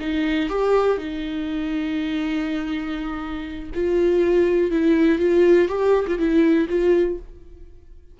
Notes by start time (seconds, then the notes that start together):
0.00 D#4
0.50 G4
0.98 D#4
3.75 F4
4.71 E4
5.19 F4
5.69 G4
6.08 F4
6.19 E4
6.69 F4